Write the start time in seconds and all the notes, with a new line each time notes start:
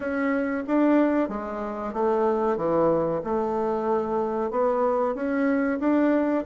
0.00 C#4
0.67 D4
1.28 G#3
1.93 A3
2.56 E3
3.23 A3
4.50 B3
5.14 C#4
5.79 D4